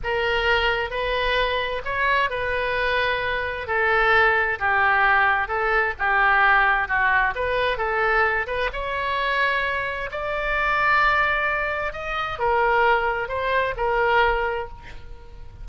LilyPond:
\new Staff \with { instrumentName = "oboe" } { \time 4/4 \tempo 4 = 131 ais'2 b'2 | cis''4 b'2. | a'2 g'2 | a'4 g'2 fis'4 |
b'4 a'4. b'8 cis''4~ | cis''2 d''2~ | d''2 dis''4 ais'4~ | ais'4 c''4 ais'2 | }